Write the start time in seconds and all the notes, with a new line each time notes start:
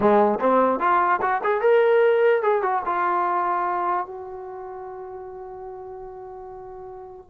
0.00 G#3
0.39 C4
0.79 F4
1.21 F#4
1.43 G#4
1.61 A#4
2.42 G#4
2.62 F#4
2.85 F4
4.06 F#4